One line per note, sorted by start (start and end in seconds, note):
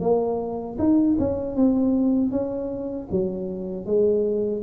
0.00 0.77 A#3
0.78 1.17 D#4
1.19 1.56 C#4
1.56 2.31 C4
2.31 3.08 C#4
3.11 3.86 F#3
3.86 4.63 G#3